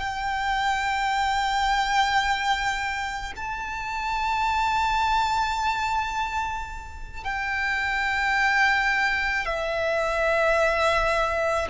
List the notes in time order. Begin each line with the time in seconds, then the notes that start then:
0.00 G5
3.36 A5
7.24 G5
9.46 E5